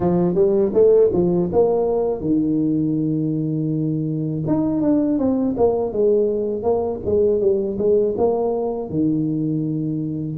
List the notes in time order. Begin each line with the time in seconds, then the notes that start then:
0.00 F3
0.35 G3
0.73 A3
1.13 F3
1.52 A#3
2.21 D#3
4.47 D#4
4.81 D4
5.18 C4
5.57 A#3
5.92 G#3
6.62 A#3
7.05 G#3
7.40 G3
7.78 G#3
8.17 A#3
8.89 D#3